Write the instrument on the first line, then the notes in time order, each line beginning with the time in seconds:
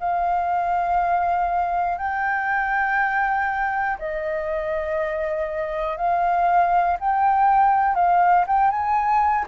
flute
0.00 F5
1.98 G5
3.99 D#5
5.97 F5
7.00 G5
7.95 F5
8.47 G5
8.70 G#5